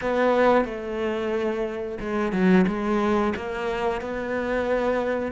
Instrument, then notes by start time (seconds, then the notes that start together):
cello
0.01 B3
0.65 A3
1.99 G#3
2.32 F#3
2.67 G#3
3.35 A#3
4.01 B3